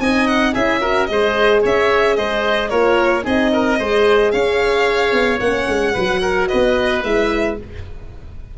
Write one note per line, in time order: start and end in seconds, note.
0.00 0.54 C4
0.00 0.56 D#4
0.00 0.53 D#5
0.00 0.27 G#5
0.27 0.54 F#5
0.53 1.09 C#4
0.53 0.81 E4
0.53 0.80 G#4
0.53 1.06 E5
0.81 1.08 F#4
0.81 1.08 A#4
1.06 1.64 G#3
1.06 2.70 G#4
1.06 1.62 C5
1.06 1.60 D#5
1.62 2.17 C#4
1.62 2.16 C#5
1.62 2.16 E5
2.16 2.71 G#3
2.16 2.70 C5
2.16 2.69 D#5
2.69 3.25 A#3
2.69 3.22 F4
2.69 3.24 A#4
2.69 3.24 C#5
3.22 3.79 C4
3.22 3.76 D#4
3.22 3.51 G#4
3.22 4.32 D#5
3.53 3.78 A#4
3.78 4.33 G#3
3.78 5.41 G#4
3.78 4.33 C5
4.32 5.12 C#4
4.32 5.93 C#5
4.32 5.40 F5
5.12 5.39 B3
5.40 5.67 A#3
5.40 5.95 C#4
5.40 6.48 F#5
5.68 5.95 G#3
5.93 6.50 F#3
5.93 7.04 F#4
5.93 6.20 B4
6.21 6.48 A#4
6.48 7.04 B3
6.48 7.57 B4
6.48 7.02 D#5
7.04 7.58 G#3
7.04 7.58 E4
7.04 7.58 E5